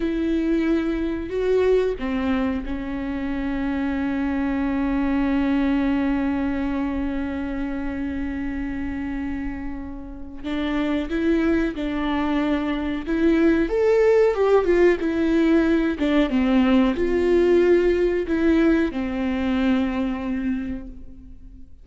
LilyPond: \new Staff \with { instrumentName = "viola" } { \time 4/4 \tempo 4 = 92 e'2 fis'4 c'4 | cis'1~ | cis'1~ | cis'1 |
d'4 e'4 d'2 | e'4 a'4 g'8 f'8 e'4~ | e'8 d'8 c'4 f'2 | e'4 c'2. | }